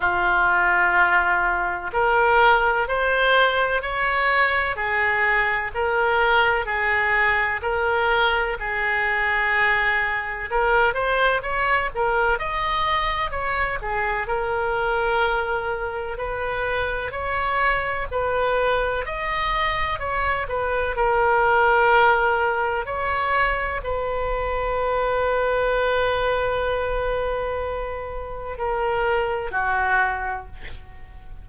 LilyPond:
\new Staff \with { instrumentName = "oboe" } { \time 4/4 \tempo 4 = 63 f'2 ais'4 c''4 | cis''4 gis'4 ais'4 gis'4 | ais'4 gis'2 ais'8 c''8 | cis''8 ais'8 dis''4 cis''8 gis'8 ais'4~ |
ais'4 b'4 cis''4 b'4 | dis''4 cis''8 b'8 ais'2 | cis''4 b'2.~ | b'2 ais'4 fis'4 | }